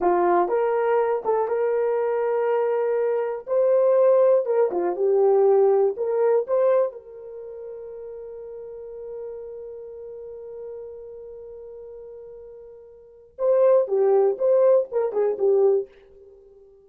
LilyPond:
\new Staff \with { instrumentName = "horn" } { \time 4/4 \tempo 4 = 121 f'4 ais'4. a'8 ais'4~ | ais'2. c''4~ | c''4 ais'8 f'8 g'2 | ais'4 c''4 ais'2~ |
ais'1~ | ais'1~ | ais'2. c''4 | g'4 c''4 ais'8 gis'8 g'4 | }